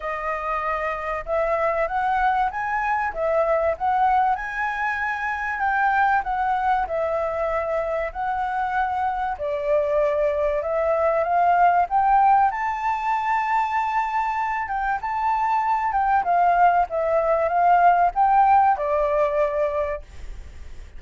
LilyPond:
\new Staff \with { instrumentName = "flute" } { \time 4/4 \tempo 4 = 96 dis''2 e''4 fis''4 | gis''4 e''4 fis''4 gis''4~ | gis''4 g''4 fis''4 e''4~ | e''4 fis''2 d''4~ |
d''4 e''4 f''4 g''4 | a''2.~ a''8 g''8 | a''4. g''8 f''4 e''4 | f''4 g''4 d''2 | }